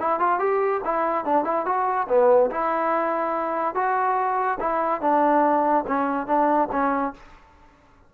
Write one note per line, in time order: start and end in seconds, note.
0.00 0.20 E4
0.20 0.40 F4
0.40 0.82 G4
0.85 1.25 E4
1.25 1.45 D4
1.45 1.66 E4
1.66 2.08 F#4
2.09 2.51 B3
2.51 3.75 E4
3.75 4.59 F#4
4.60 5.01 E4
5.01 5.85 D4
5.88 6.27 C#4
6.27 6.69 D4
6.72 7.14 C#4